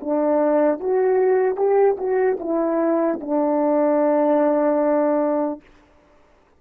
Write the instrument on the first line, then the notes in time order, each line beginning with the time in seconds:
horn
0.00 D4
0.79 F#4
1.56 G4
1.97 F#4
2.39 E4
3.20 D4